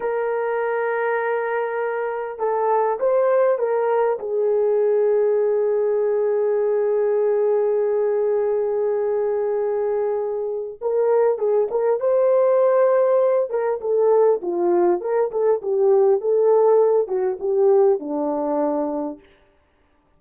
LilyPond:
\new Staff \with { instrumentName = "horn" } { \time 4/4 \tempo 4 = 100 ais'1 | a'4 c''4 ais'4 gis'4~ | gis'1~ | gis'1~ |
gis'2 ais'4 gis'8 ais'8 | c''2~ c''8 ais'8 a'4 | f'4 ais'8 a'8 g'4 a'4~ | a'8 fis'8 g'4 d'2 | }